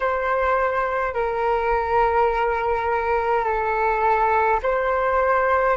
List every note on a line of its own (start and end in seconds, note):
0.00 1.14 C5
1.14 3.44 A#4
3.44 4.59 A4
4.62 5.76 C5